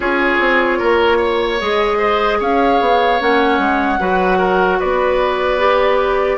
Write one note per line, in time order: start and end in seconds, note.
0.00 0.38 C#4
0.00 1.60 F4
0.00 0.78 G#4
0.00 1.60 C#5
0.39 0.79 C4
0.78 1.61 A#3
0.78 1.17 A#4
1.17 1.97 C#5
1.60 2.40 G#3
1.60 3.20 G#4
1.60 2.40 D#5
1.98 2.38 C5
2.39 2.80 C#4
2.39 3.99 C#5
2.39 3.21 F5
2.80 3.20 B3
3.20 3.58 A#3
3.20 3.99 C#4
3.20 4.79 F#5
3.58 3.98 G#3
3.99 4.79 F#3
3.99 5.58 F#4
3.99 4.38 B4
4.38 4.78 A#4
4.79 6.37 B3
4.79 6.37 B4
4.79 6.37 D5
5.58 6.37 G4